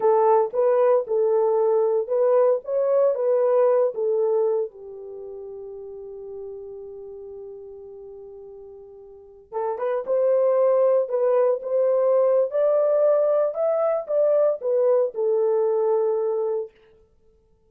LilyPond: \new Staff \with { instrumentName = "horn" } { \time 4/4 \tempo 4 = 115 a'4 b'4 a'2 | b'4 cis''4 b'4. a'8~ | a'4 g'2.~ | g'1~ |
g'2~ g'16 a'8 b'8 c''8.~ | c''4~ c''16 b'4 c''4.~ c''16 | d''2 e''4 d''4 | b'4 a'2. | }